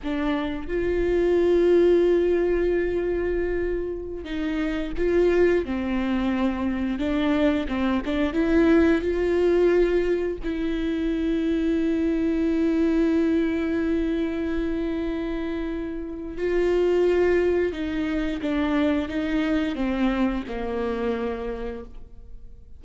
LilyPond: \new Staff \with { instrumentName = "viola" } { \time 4/4 \tempo 4 = 88 d'4 f'2.~ | f'2~ f'16 dis'4 f'8.~ | f'16 c'2 d'4 c'8 d'16~ | d'16 e'4 f'2 e'8.~ |
e'1~ | e'1 | f'2 dis'4 d'4 | dis'4 c'4 ais2 | }